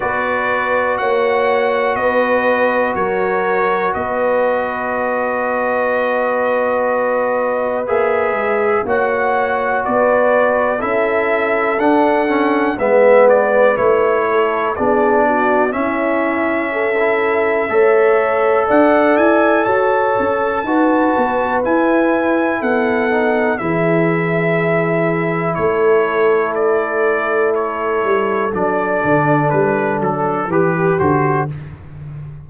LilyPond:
<<
  \new Staff \with { instrumentName = "trumpet" } { \time 4/4 \tempo 4 = 61 d''4 fis''4 dis''4 cis''4 | dis''1 | e''4 fis''4 d''4 e''4 | fis''4 e''8 d''8 cis''4 d''4 |
e''2. fis''8 gis''8 | a''2 gis''4 fis''4 | e''2 cis''4 d''4 | cis''4 d''4 b'8 a'8 b'8 c''8 | }
  \new Staff \with { instrumentName = "horn" } { \time 4/4 b'4 cis''4 b'4 ais'4 | b'1~ | b'4 cis''4 b'4 a'4~ | a'4 b'4. a'8 gis'8 fis'8 |
e'4 a'4 cis''4 d''4 | cis''4 b'2 a'4 | gis'2 a'2~ | a'2. g'4 | }
  \new Staff \with { instrumentName = "trombone" } { \time 4/4 fis'1~ | fis'1 | gis'4 fis'2 e'4 | d'8 cis'8 b4 e'4 d'4 |
cis'4~ cis'16 e'8. a'2~ | a'4 fis'4 e'4. dis'8 | e'1~ | e'4 d'2 g'8 fis'8 | }
  \new Staff \with { instrumentName = "tuba" } { \time 4/4 b4 ais4 b4 fis4 | b1 | ais8 gis8 ais4 b4 cis'4 | d'4 gis4 a4 b4 |
cis'2 a4 d'8 e'8 | fis'8 cis'8 dis'8 b8 e'4 b4 | e2 a2~ | a8 g8 fis8 d8 g8 fis8 e8 d8 | }
>>